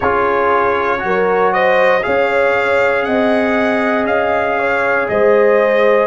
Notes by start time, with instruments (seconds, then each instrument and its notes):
0.00 tuba C#4, trombone F4, horn G#4, trumpet C#5
0.99 tuba F#3, trombone F#4
1.05 horn A#4
1.53 horn C5, trumpet D#5
2.02 tuba C#4, trombone G#4, horn C#5, trumpet F5
3.03 tuba C4, horn D#5, trumpet F#5
4.05 tuba C#4, trumpet F5
4.58 horn C#5
5.08 tuba G#3, horn C5, trumpet D#5